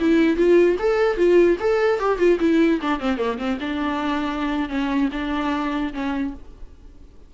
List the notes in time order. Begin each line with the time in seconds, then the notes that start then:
0.00 E4
0.37 F4
0.79 A4
1.17 F4
1.60 A4
2.00 G4
2.18 F4
2.40 E4
2.82 D4
3.00 C4
3.18 A#3
3.38 C4
3.60 D4
4.69 C#4
5.13 D4
5.94 C#4